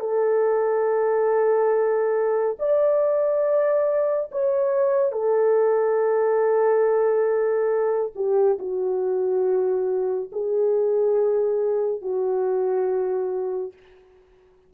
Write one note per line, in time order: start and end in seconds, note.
0.00 2.57 A4
2.59 4.31 D5
4.32 5.12 C#5
5.12 8.12 A4
8.15 8.58 G4
8.59 10.30 F#4
10.32 12.02 G#4
12.02 13.73 F#4